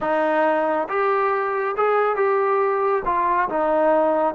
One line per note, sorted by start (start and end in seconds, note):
0.01 0.88 D#4
0.88 1.75 G4
1.76 2.16 G#4
2.16 3.03 G4
3.05 3.48 F4
3.49 4.34 D#4